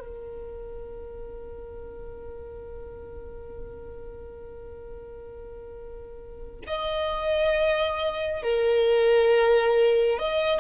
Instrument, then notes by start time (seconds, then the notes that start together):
violin
0.00 A#4
6.67 D#5
8.42 A#4
10.19 D#5